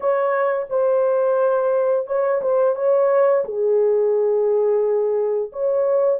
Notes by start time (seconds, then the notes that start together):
0.00 C#5
0.69 C5
2.06 C#5
2.41 C5
2.75 C#5
3.44 G#4
5.52 C#5